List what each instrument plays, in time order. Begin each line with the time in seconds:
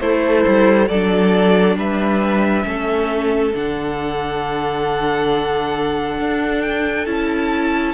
0.00 cello A3, violin E4 C5, viola A4
0.47 cello G3
0.88 cello F#3, viola D4, violin A4 D5
1.76 cello G3, violin B4 E5
2.63 cello A3, viola C#4, violin A4
3.55 cello D3, viola D4, violin F#5
6.19 cello D4
6.62 violin G5
7.06 cello C#4, viola E4, violin A5